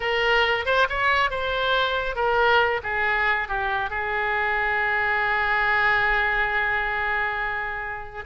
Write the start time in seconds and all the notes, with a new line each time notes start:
0.00 A#4
0.65 C5
0.89 C#5
1.30 C5
2.15 A#4
2.83 G#4
3.48 G4
3.89 G#4